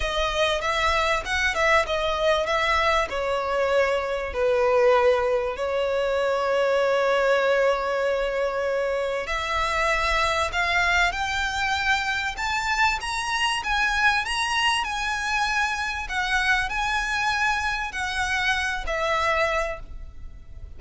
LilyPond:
\new Staff \with { instrumentName = "violin" } { \time 4/4 \tempo 4 = 97 dis''4 e''4 fis''8 e''8 dis''4 | e''4 cis''2 b'4~ | b'4 cis''2.~ | cis''2. e''4~ |
e''4 f''4 g''2 | a''4 ais''4 gis''4 ais''4 | gis''2 fis''4 gis''4~ | gis''4 fis''4. e''4. | }